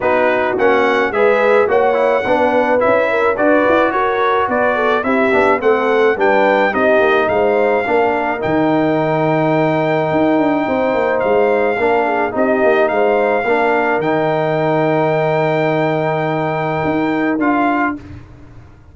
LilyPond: <<
  \new Staff \with { instrumentName = "trumpet" } { \time 4/4 \tempo 4 = 107 b'4 fis''4 e''4 fis''4~ | fis''4 e''4 d''4 cis''4 | d''4 e''4 fis''4 g''4 | dis''4 f''2 g''4~ |
g''1 | f''2 dis''4 f''4~ | f''4 g''2.~ | g''2. f''4 | }
  \new Staff \with { instrumentName = "horn" } { \time 4/4 fis'2 b'4 cis''4 | b'4. ais'8 b'4 ais'4 | b'8 a'8 g'4 a'4 b'4 | g'4 c''4 ais'2~ |
ais'2. c''4~ | c''4 ais'8 gis'8 g'4 c''4 | ais'1~ | ais'1 | }
  \new Staff \with { instrumentName = "trombone" } { \time 4/4 dis'4 cis'4 gis'4 fis'8 e'8 | d'4 e'4 fis'2~ | fis'4 e'8 d'8 c'4 d'4 | dis'2 d'4 dis'4~ |
dis'1~ | dis'4 d'4 dis'2 | d'4 dis'2.~ | dis'2. f'4 | }
  \new Staff \with { instrumentName = "tuba" } { \time 4/4 b4 ais4 gis4 ais4 | b4 cis'4 d'8 e'8 fis'4 | b4 c'8 b8 a4 g4 | c'8 ais8 gis4 ais4 dis4~ |
dis2 dis'8 d'8 c'8 ais8 | gis4 ais4 c'8 ais8 gis4 | ais4 dis2.~ | dis2 dis'4 d'4 | }
>>